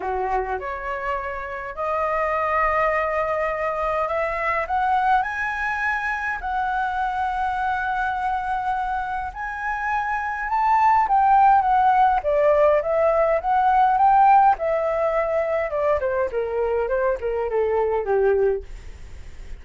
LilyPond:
\new Staff \with { instrumentName = "flute" } { \time 4/4 \tempo 4 = 103 fis'4 cis''2 dis''4~ | dis''2. e''4 | fis''4 gis''2 fis''4~ | fis''1 |
gis''2 a''4 g''4 | fis''4 d''4 e''4 fis''4 | g''4 e''2 d''8 c''8 | ais'4 c''8 ais'8 a'4 g'4 | }